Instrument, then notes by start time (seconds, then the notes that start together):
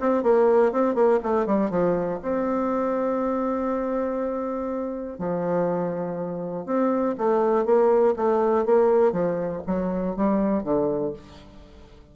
bassoon
0.00 C4
0.23 A#3
0.72 C4
0.94 A#3
1.23 A3
1.46 G3
1.70 F3
2.22 C4
5.19 F3
6.66 C4
7.18 A3
7.65 A#3
8.16 A3
8.65 A#3
9.12 F3
9.67 F#3
10.16 G3
10.63 D3